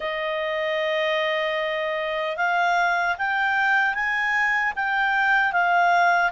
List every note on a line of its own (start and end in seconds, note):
0.00 2.36 D#5
2.36 3.15 F5
3.18 3.94 G5
3.94 4.73 G#5
4.75 5.52 G5
5.52 6.31 F5